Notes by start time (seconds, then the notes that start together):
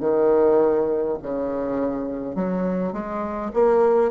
0.00 D#3
1.22 C#3
2.35 F#3
2.93 G#3
3.53 A#3